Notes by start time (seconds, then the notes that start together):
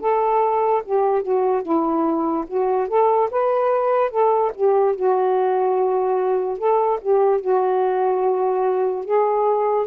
0.00 A4
0.84 G4
1.23 F#4
1.63 E4
2.47 F#4
2.88 A4
3.31 B4
4.10 A4
4.55 G4
4.95 F#4
6.58 A4
7.01 G4
7.41 F#4
9.05 G#4